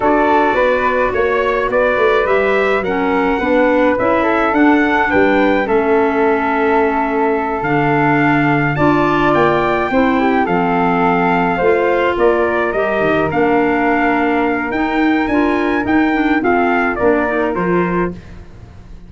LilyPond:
<<
  \new Staff \with { instrumentName = "trumpet" } { \time 4/4 \tempo 4 = 106 d''2 cis''4 d''4 | e''4 fis''2 e''4 | fis''4 g''4 e''2~ | e''4. f''2 a''8~ |
a''8 g''2 f''4.~ | f''4. d''4 dis''4 f''8~ | f''2 g''4 gis''4 | g''4 f''4 d''4 c''4 | }
  \new Staff \with { instrumentName = "flute" } { \time 4/4 a'4 b'4 cis''4 b'4~ | b'4 ais'4 b'4. a'8~ | a'4 b'4 a'2~ | a'2.~ a'8 d''8~ |
d''4. c''8 g'8 a'4.~ | a'8 c''4 ais'2~ ais'8~ | ais'1~ | ais'4 a'4 ais'2 | }
  \new Staff \with { instrumentName = "clarinet" } { \time 4/4 fis'1 | g'4 cis'4 d'4 e'4 | d'2 cis'2~ | cis'4. d'2 f'8~ |
f'4. e'4 c'4.~ | c'8 f'2 g'4 d'8~ | d'2 dis'4 f'4 | dis'8 d'8 c'4 d'8 dis'8 f'4 | }
  \new Staff \with { instrumentName = "tuba" } { \time 4/4 d'4 b4 ais4 b8 a8 | g4 fis4 b4 cis'4 | d'4 g4 a2~ | a4. d2 d'8~ |
d'8 ais4 c'4 f4.~ | f8 a4 ais4 g8 dis8 ais8~ | ais2 dis'4 d'4 | dis'4 f'4 ais4 f4 | }
>>